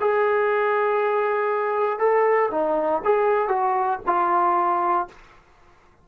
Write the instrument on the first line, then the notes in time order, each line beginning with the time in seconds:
trombone
0.00 G#4
1.99 A4
2.51 D#4
3.04 G#4
3.48 F#4
4.06 F4